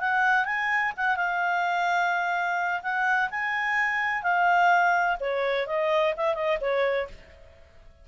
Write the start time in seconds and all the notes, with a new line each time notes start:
0.00 F#5
0.45 G#5
0.97 F#5
1.16 F5
2.82 F#5
3.30 G#5
4.23 F5
5.20 C#5
5.67 D#5
6.17 E5
6.34 D#5
6.61 C#5